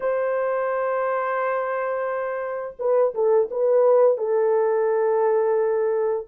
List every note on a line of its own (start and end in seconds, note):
0.00 2.76 C5
2.79 3.14 B4
3.14 3.49 A4
3.50 4.17 B4
4.17 6.27 A4